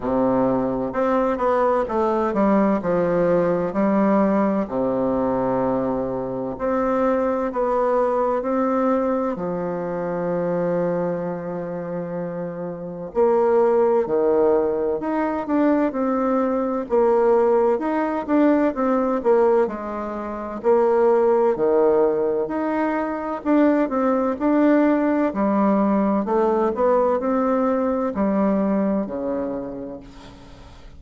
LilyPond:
\new Staff \with { instrumentName = "bassoon" } { \time 4/4 \tempo 4 = 64 c4 c'8 b8 a8 g8 f4 | g4 c2 c'4 | b4 c'4 f2~ | f2 ais4 dis4 |
dis'8 d'8 c'4 ais4 dis'8 d'8 | c'8 ais8 gis4 ais4 dis4 | dis'4 d'8 c'8 d'4 g4 | a8 b8 c'4 g4 cis4 | }